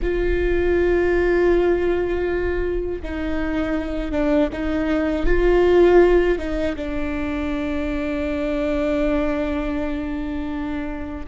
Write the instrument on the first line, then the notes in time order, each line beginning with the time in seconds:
viola
0.02 F4
3.02 D#4
4.11 D4
4.52 D#4
5.25 F4
6.38 D#4
6.75 D4